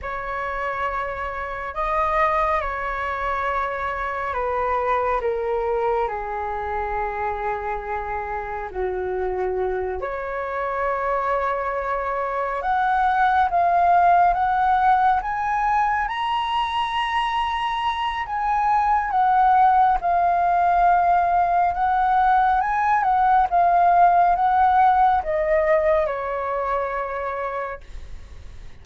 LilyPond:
\new Staff \with { instrumentName = "flute" } { \time 4/4 \tempo 4 = 69 cis''2 dis''4 cis''4~ | cis''4 b'4 ais'4 gis'4~ | gis'2 fis'4. cis''8~ | cis''2~ cis''8 fis''4 f''8~ |
f''8 fis''4 gis''4 ais''4.~ | ais''4 gis''4 fis''4 f''4~ | f''4 fis''4 gis''8 fis''8 f''4 | fis''4 dis''4 cis''2 | }